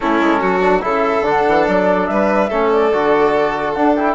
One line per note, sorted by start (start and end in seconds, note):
0.00 0.20 A3
0.00 0.60 C#4
0.00 0.40 E4
0.00 0.82 A4
0.20 0.41 G#3
0.40 0.83 F#3
0.40 0.81 F#4
0.60 0.81 D4
0.81 1.21 C#3
0.81 1.23 E4
0.81 2.09 A4
0.81 1.27 E5
1.21 1.42 D3
1.21 2.50 D4
1.28 1.66 F#5
1.47 1.67 E3
1.66 2.09 F#3
1.66 2.07 D5
2.07 2.50 G3
2.07 2.49 B4
2.07 2.69 E5
2.49 2.92 A3
2.49 2.91 C#4
2.49 4.15 A4
2.71 3.73 D5
2.92 3.76 D3
2.92 3.75 F#4
3.73 3.96 D4
3.73 4.15 D4
3.73 3.94 F#5
3.95 4.15 E4
3.95 4.15 G5